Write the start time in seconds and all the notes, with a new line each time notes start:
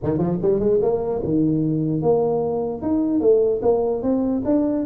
0.03 D#3
0.18 F3
0.41 G3
0.59 G#3
0.82 A#3
1.23 D#3
2.02 A#3
2.82 D#4
3.20 A3
3.62 A#3
4.02 C4
4.45 D4